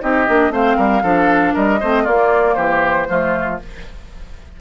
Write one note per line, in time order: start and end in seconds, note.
0.00 0.27 C4
0.00 0.26 D#4
0.00 0.52 G4
0.00 0.52 D#5
0.27 0.50 A#3
0.27 0.50 D4
0.50 0.75 A3
0.50 1.02 C4
0.50 0.77 C5
0.50 1.55 F5
0.77 1.02 G3
0.77 1.02 A#4
1.02 1.54 F3
1.02 1.80 D4
1.02 1.53 A4
1.53 1.81 G3
1.53 1.79 A#4
1.53 2.06 D#5
1.80 2.06 A3
1.80 2.06 C4
1.80 2.03 C5
2.03 3.08 A#3
2.03 2.56 A#3
2.03 2.54 F4
2.03 2.54 D5
2.54 3.08 E3
2.54 3.07 G4
2.54 3.56 C5
3.08 3.60 F3
3.08 3.59 A3
3.08 3.60 F4